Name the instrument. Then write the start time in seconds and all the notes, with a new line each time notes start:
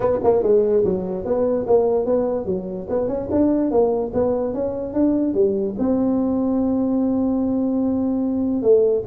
tuba
0.00 B3
0.23 A#3
0.42 G#3
0.84 F#3
1.24 B3
1.66 A#3
2.05 B3
2.45 F#3
2.89 B3
3.07 C#4
3.31 D4
3.70 A#3
4.13 B3
4.54 C#4
4.93 D4
5.33 G3
5.78 C4
8.62 A3